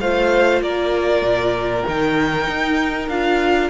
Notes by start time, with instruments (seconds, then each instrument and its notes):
0.00 cello A3, viola F4, violin C5 F5
0.62 cello A#3, violin A#4 D5
1.22 cello A#2
1.86 cello D#3, viola D#4, violin G5
2.47 cello D#4
3.09 cello D4, viola F4, violin F5